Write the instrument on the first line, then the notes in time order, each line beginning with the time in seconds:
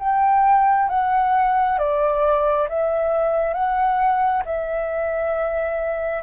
flute
0.00 G5
0.90 F#5
1.79 D5
2.69 E5
3.54 F#5
4.46 E5